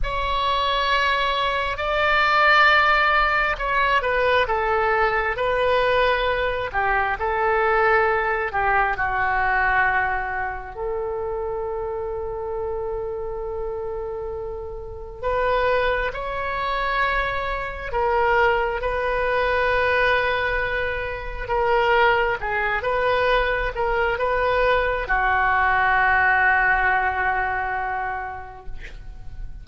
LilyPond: \new Staff \with { instrumentName = "oboe" } { \time 4/4 \tempo 4 = 67 cis''2 d''2 | cis''8 b'8 a'4 b'4. g'8 | a'4. g'8 fis'2 | a'1~ |
a'4 b'4 cis''2 | ais'4 b'2. | ais'4 gis'8 b'4 ais'8 b'4 | fis'1 | }